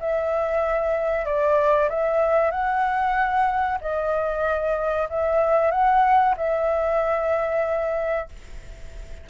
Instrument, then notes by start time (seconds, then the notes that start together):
flute
0.00 E5
1.25 D5
1.89 E5
2.51 F#5
3.81 D#5
5.09 E5
5.71 F#5
6.37 E5